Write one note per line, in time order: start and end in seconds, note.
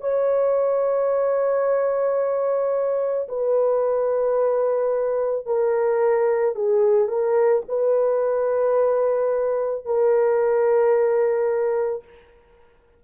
0.00 3.27 C#5
3.28 5.46 B4
5.46 6.55 A#4
6.55 7.08 G#4
7.08 7.62 A#4
7.68 9.85 B4
9.85 12.03 A#4